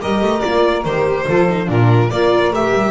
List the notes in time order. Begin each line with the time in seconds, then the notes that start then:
0.00 G3 G4 A#4 D#5
0.21 A3
0.40 A#3 F4 D5
0.85 D#3 G4 C5
1.26 F3 F4 A4
1.49 D#4
1.66 A#2 D4 F4 A#4
2.10 A#3 F4 A#4 D5
2.51 A3 G4 E5
2.73 G3